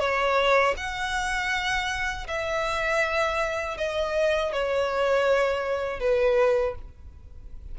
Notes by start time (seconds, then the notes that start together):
0.00 C#5
0.77 F#5
2.28 E5
3.78 D#5
4.53 C#5
6.00 B4